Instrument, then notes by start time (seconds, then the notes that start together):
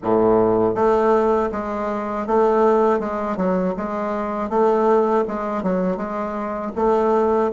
bassoon
0.02 A2
0.74 A3
1.51 G#3
2.26 A3
2.99 G#3
3.36 F#3
3.76 G#3
4.49 A3
5.27 G#3
5.62 F#3
5.97 G#3
6.75 A3